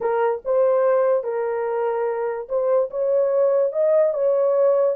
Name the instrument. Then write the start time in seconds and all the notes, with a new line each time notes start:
horn
0.00 A#4
0.45 C5
1.23 A#4
2.48 C5
2.90 C#5
3.72 D#5
4.13 C#5